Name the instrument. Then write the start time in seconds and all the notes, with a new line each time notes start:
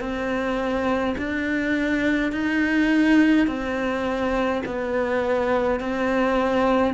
cello
0.00 C4
1.18 D4
2.32 D#4
3.47 C4
4.66 B3
5.80 C4